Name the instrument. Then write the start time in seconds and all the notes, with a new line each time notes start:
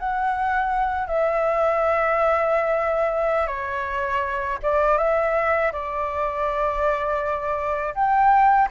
flute
0.00 F#5
1.08 E5
3.47 C#5
4.63 D5
4.98 E5
5.72 D5
7.95 G5